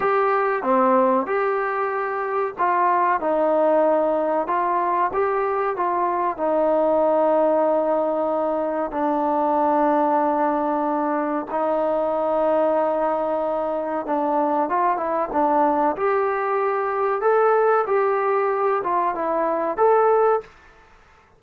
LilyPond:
\new Staff \with { instrumentName = "trombone" } { \time 4/4 \tempo 4 = 94 g'4 c'4 g'2 | f'4 dis'2 f'4 | g'4 f'4 dis'2~ | dis'2 d'2~ |
d'2 dis'2~ | dis'2 d'4 f'8 e'8 | d'4 g'2 a'4 | g'4. f'8 e'4 a'4 | }